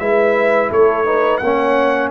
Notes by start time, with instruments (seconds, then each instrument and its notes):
0.00 tuba G#3, trombone E4, horn B4, trumpet E5
0.71 tuba A3, horn A4, trumpet C#5
1.06 trombone D#4, horn B4
1.38 tuba A#3, trumpet F#5
1.45 trombone C#4, horn C#5